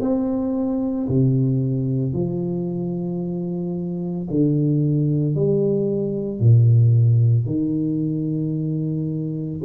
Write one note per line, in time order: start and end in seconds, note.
0.00 1.07 C4
1.08 2.13 C3
2.13 4.27 F3
4.30 5.35 D3
5.35 6.39 G3
6.39 7.46 A#2
7.46 9.60 D#3